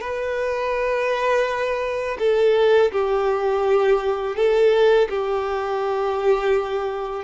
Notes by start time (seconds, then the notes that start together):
0.00 B4
2.19 A4
2.91 G4
4.36 A4
5.09 G4